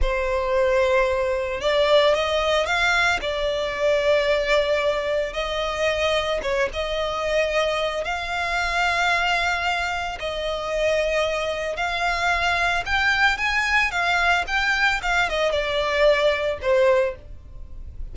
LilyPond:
\new Staff \with { instrumentName = "violin" } { \time 4/4 \tempo 4 = 112 c''2. d''4 | dis''4 f''4 d''2~ | d''2 dis''2 | cis''8 dis''2~ dis''8 f''4~ |
f''2. dis''4~ | dis''2 f''2 | g''4 gis''4 f''4 g''4 | f''8 dis''8 d''2 c''4 | }